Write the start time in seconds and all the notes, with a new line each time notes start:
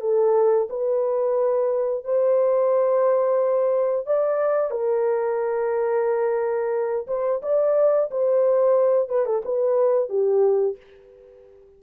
0.00 A4
0.69 B4
2.04 C5
4.06 D5
4.71 A#4
7.07 C5
7.42 D5
8.10 C5
9.09 B4
9.25 A4
9.44 B4
10.09 G4